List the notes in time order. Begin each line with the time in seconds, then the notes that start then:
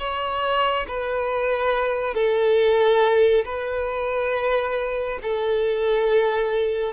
0.00 C#5
0.88 B4
2.15 A4
3.45 B4
5.23 A4